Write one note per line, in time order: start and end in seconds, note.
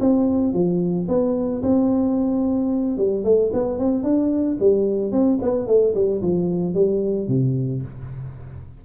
0.00 0.53 C4
0.53 1.07 F3
1.08 1.62 B3
1.62 2.97 C4
2.97 3.24 G3
3.24 3.51 A3
3.53 3.78 B3
3.78 4.03 C4
4.03 4.57 D4
4.59 5.11 G3
5.11 5.38 C4
5.41 5.67 B3
5.67 5.94 A3
5.94 6.21 G3
6.22 6.74 F3
6.74 7.28 G3
7.28 7.82 C3